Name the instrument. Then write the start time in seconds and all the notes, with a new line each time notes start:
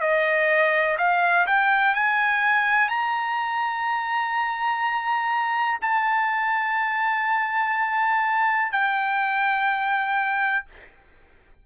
trumpet
0.00 D#5
0.98 F5
1.46 G5
1.94 G#5
2.89 A#5
5.81 A5
8.71 G5